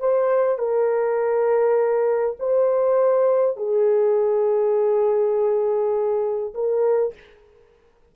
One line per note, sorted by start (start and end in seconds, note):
0.00 0.58 C5
0.58 2.37 A#4
2.40 3.57 C5
3.57 6.54 G#4
6.55 7.14 A#4